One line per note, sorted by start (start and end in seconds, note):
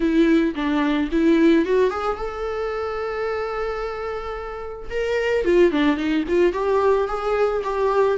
0.00 0.54 E4
0.55 1.09 D4
1.11 1.65 E4
1.65 1.90 F#4
1.90 2.17 G#4
2.17 4.89 A4
4.90 5.44 A#4
5.44 5.71 F4
5.71 5.96 D4
5.96 6.24 D#4
6.28 6.53 F4
6.53 7.07 G4
7.07 7.62 G#4
7.63 8.17 G4